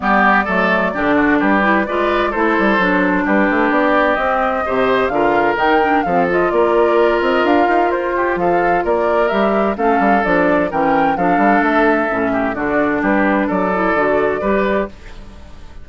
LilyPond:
<<
  \new Staff \with { instrumentName = "flute" } { \time 4/4 \tempo 4 = 129 d''2. b'4 | d''4 c''2 b'4 | d''4 dis''2 f''4 | g''4 f''8 dis''8 d''4. dis''8 |
f''4 c''4 f''4 d''4 | e''4 f''4 d''4 g''4 | f''4 e''2 d''4 | b'4 d''2. | }
  \new Staff \with { instrumentName = "oboe" } { \time 4/4 g'4 a'4 g'8 fis'8 g'4 | b'4 a'2 g'4~ | g'2 c''4 ais'4~ | ais'4 a'4 ais'2~ |
ais'4. g'8 a'4 ais'4~ | ais'4 a'2 ais'4 | a'2~ a'8 g'8 fis'4 | g'4 a'2 b'4 | }
  \new Staff \with { instrumentName = "clarinet" } { \time 4/4 b4 a4 d'4. e'8 | f'4 e'4 d'2~ | d'4 c'4 g'4 f'4 | dis'8 d'8 c'8 f'2~ f'8~ |
f'1 | g'4 cis'4 d'4 cis'4 | d'2 cis'4 d'4~ | d'4. e'8 fis'4 g'4 | }
  \new Staff \with { instrumentName = "bassoon" } { \time 4/4 g4 fis4 d4 g4 | gis4 a8 g8 fis4 g8 a8 | b4 c'4 c4 d4 | dis4 f4 ais4. c'8 |
d'8 dis'8 f'4 f4 ais4 | g4 a8 g8 f4 e4 | f8 g8 a4 a,4 d4 | g4 fis4 d4 g4 | }
>>